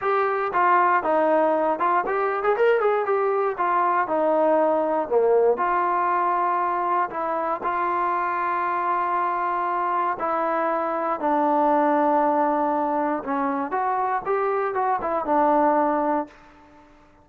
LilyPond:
\new Staff \with { instrumentName = "trombone" } { \time 4/4 \tempo 4 = 118 g'4 f'4 dis'4. f'8 | g'8. gis'16 ais'8 gis'8 g'4 f'4 | dis'2 ais4 f'4~ | f'2 e'4 f'4~ |
f'1 | e'2 d'2~ | d'2 cis'4 fis'4 | g'4 fis'8 e'8 d'2 | }